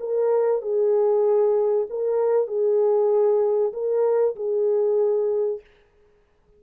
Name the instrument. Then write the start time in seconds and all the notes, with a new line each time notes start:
horn
0.00 A#4
0.62 G#4
1.90 A#4
2.47 G#4
3.73 A#4
4.36 G#4